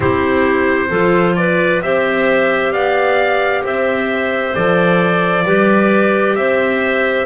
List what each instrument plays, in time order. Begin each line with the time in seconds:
0.00 double bass C4, clarinet E4 G4, trumpet C5
0.88 double bass F3, clarinet F4 A4
1.35 clarinet B4, trumpet D5
1.82 double bass C4, clarinet G4 C5, trumpet E5
2.72 double bass B3, clarinet D5, trumpet F5
3.63 double bass C4, clarinet C5, trumpet E5
4.54 double bass F3, clarinet A4, trumpet D5
5.45 double bass G3, clarinet G4 B4
6.35 double bass C4, clarinet C5, trumpet E5